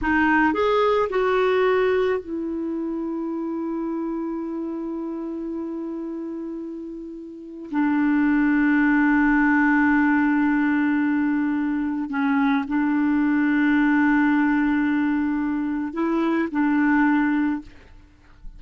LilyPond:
\new Staff \with { instrumentName = "clarinet" } { \time 4/4 \tempo 4 = 109 dis'4 gis'4 fis'2 | e'1~ | e'1~ | e'2 d'2~ |
d'1~ | d'2 cis'4 d'4~ | d'1~ | d'4 e'4 d'2 | }